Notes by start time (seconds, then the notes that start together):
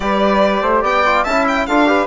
0.00 G3 G4 B4 D5
0.61 A3 C5
0.81 B3 D5 G5
1.05 F4
1.23 C#4 E4 E5 A5
1.47 G5
1.66 D4 F4 A4 F5
1.86 G4 B4